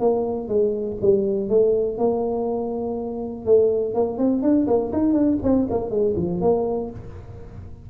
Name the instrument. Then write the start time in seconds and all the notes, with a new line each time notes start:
tuba
0.00 A#3
0.48 G#3
1.01 G3
1.49 A3
1.98 A#3
3.45 A3
3.94 A#3
4.18 C4
4.42 D4
4.67 A#3
4.93 D#4
5.13 D4
5.43 C4
5.70 A#3
5.90 G#3
6.17 F3
6.41 A#3